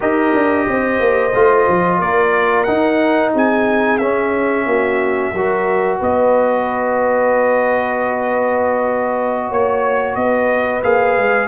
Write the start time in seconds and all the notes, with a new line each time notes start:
0.00 D#4 G4 A#4 D#5
0.33 D4
0.67 C4 C5
0.99 A#3
1.34 A3 F4
1.67 F3
1.98 A#3 A#4 D5
2.63 D#4 F#5
3.33 C4 G#4 G#5
3.98 C#4 E5
4.65 A#3 F#4
5.33 F#3 F#4 A#4
5.99 B3 B4 D#5
9.48 A#3 C#5
10.15 B3 B4 D#5
10.83 A#3 G#4 F5
11.17 G#3